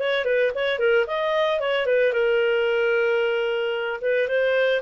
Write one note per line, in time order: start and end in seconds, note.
0.00 0.25 C#5
0.25 0.52 B4
0.55 0.79 C#5
0.79 1.06 A#4
1.07 1.60 D#5
1.60 1.87 C#5
1.87 2.14 B4
2.14 4.01 A#4
4.02 4.29 B4
4.29 4.82 C5